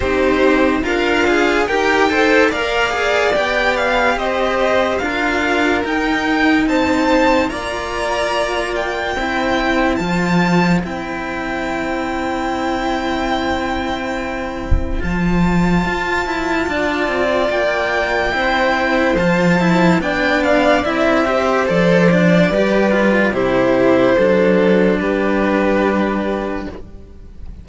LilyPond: <<
  \new Staff \with { instrumentName = "violin" } { \time 4/4 \tempo 4 = 72 c''4 f''4 g''4 f''4 | g''8 f''8 dis''4 f''4 g''4 | a''4 ais''4. g''4. | a''4 g''2.~ |
g''2 a''2~ | a''4 g''2 a''4 | g''8 f''8 e''4 d''2 | c''2 b'2 | }
  \new Staff \with { instrumentName = "violin" } { \time 4/4 g'4 f'4 ais'8 c''8 d''4~ | d''4 c''4 ais'2 | c''4 d''2 c''4~ | c''1~ |
c''1 | d''2 c''2 | d''4. c''4. b'4 | g'4 a'4 g'2 | }
  \new Staff \with { instrumentName = "cello" } { \time 4/4 dis'4 ais'8 gis'8 g'8 a'8 ais'8 gis'8 | g'2 f'4 dis'4~ | dis'4 f'2 e'4 | f'4 e'2.~ |
e'2 f'2~ | f'2 e'4 f'8 e'8 | d'4 e'8 g'8 a'8 d'8 g'8 f'8 | e'4 d'2. | }
  \new Staff \with { instrumentName = "cello" } { \time 4/4 c'4 d'4 dis'4 ais4 | b4 c'4 d'4 dis'4 | c'4 ais2 c'4 | f4 c'2.~ |
c'2 f4 f'8 e'8 | d'8 c'8 ais4 c'4 f4 | b4 c'4 f4 g4 | c4 fis4 g2 | }
>>